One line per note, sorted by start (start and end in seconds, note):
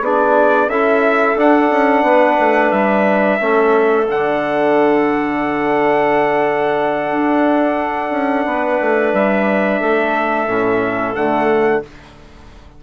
0.00 0.67 B3
0.00 0.69 D4
0.00 0.69 G#4
0.00 0.69 D5
0.67 1.35 C#4
0.67 1.37 E4
0.67 2.03 A4
0.67 1.37 E5
1.36 1.70 D4
1.36 3.39 D4
1.36 2.71 F#5
1.70 2.02 C#4
2.02 2.36 B3
2.02 3.38 B4
2.39 2.71 A3
2.71 3.38 G3
2.71 4.06 E5
3.39 4.07 A3
3.39 4.07 C#4
3.39 8.47 A4
4.07 7.11 D3
4.07 10.47 D4
4.07 9.14 F#5
7.11 8.10 D4
8.10 8.44 C#4
8.45 8.78 B3
8.45 9.80 B4
8.80 9.12 A3
9.12 9.80 G3
9.12 11.14 E5
9.80 10.47 A3
9.80 11.82 A4
10.47 11.14 A2
10.47 11.15 C#4
11.14 11.83 D3
11.14 11.82 A3
11.14 11.82 F#5